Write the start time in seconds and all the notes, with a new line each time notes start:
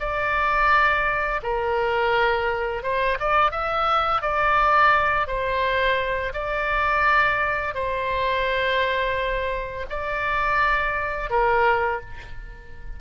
0.00 D5
1.43 A#4
2.83 C5
3.20 D5
3.52 E5
4.22 D5
5.27 C5
6.34 D5
7.75 C5
9.90 D5
11.30 A#4